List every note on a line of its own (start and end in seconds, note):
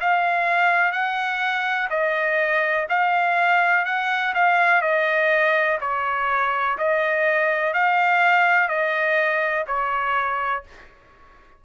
0.00 0.91 F5
0.91 1.88 F#5
1.90 2.86 D#5
2.89 3.85 F5
3.85 4.33 F#5
4.34 4.81 F5
4.81 5.78 D#5
5.81 6.77 C#5
6.78 7.73 D#5
7.73 8.68 F5
8.68 9.65 D#5
9.66 10.63 C#5